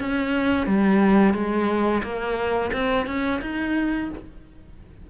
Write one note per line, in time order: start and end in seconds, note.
0.00 0.67 C#4
0.67 1.34 G3
1.34 2.02 G#3
2.03 2.71 A#3
2.73 3.07 C4
3.07 3.41 C#4
3.42 4.10 D#4